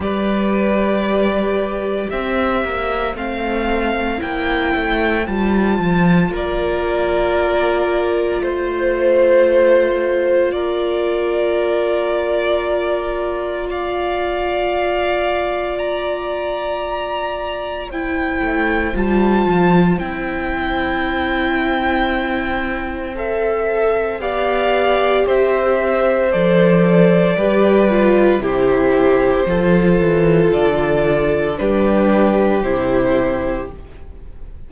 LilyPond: <<
  \new Staff \with { instrumentName = "violin" } { \time 4/4 \tempo 4 = 57 d''2 e''4 f''4 | g''4 a''4 d''2 | c''2 d''2~ | d''4 f''2 ais''4~ |
ais''4 g''4 a''4 g''4~ | g''2 e''4 f''4 | e''4 d''2 c''4~ | c''4 d''4 b'4 c''4 | }
  \new Staff \with { instrumentName = "violin" } { \time 4/4 b'2 c''2~ | c''2 ais'2 | c''2 ais'2~ | ais'4 d''2.~ |
d''4 c''2.~ | c''2. d''4 | c''2 b'4 g'4 | a'2 g'2 | }
  \new Staff \with { instrumentName = "viola" } { \time 4/4 g'2. c'4 | e'4 f'2.~ | f'1~ | f'1~ |
f'4 e'4 f'4 e'4~ | e'2 a'4 g'4~ | g'4 a'4 g'8 f'8 e'4 | f'2 d'4 e'4 | }
  \new Staff \with { instrumentName = "cello" } { \time 4/4 g2 c'8 ais8 a4 | ais8 a8 g8 f8 ais2 | a2 ais2~ | ais1~ |
ais4. a8 g8 f8 c'4~ | c'2. b4 | c'4 f4 g4 c4 | f8 e8 d4 g4 c4 | }
>>